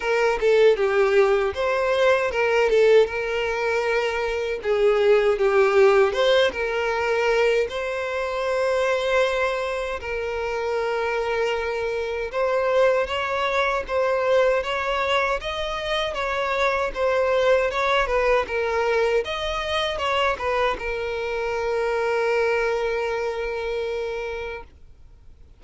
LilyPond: \new Staff \with { instrumentName = "violin" } { \time 4/4 \tempo 4 = 78 ais'8 a'8 g'4 c''4 ais'8 a'8 | ais'2 gis'4 g'4 | c''8 ais'4. c''2~ | c''4 ais'2. |
c''4 cis''4 c''4 cis''4 | dis''4 cis''4 c''4 cis''8 b'8 | ais'4 dis''4 cis''8 b'8 ais'4~ | ais'1 | }